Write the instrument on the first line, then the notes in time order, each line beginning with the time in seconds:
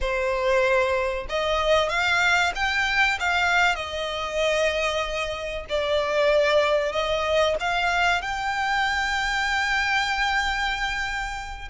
violin
0.00 C5
1.29 D#5
1.89 F5
2.55 G5
3.19 F5
3.75 D#5
5.69 D5
6.92 D#5
7.60 F5
8.21 G5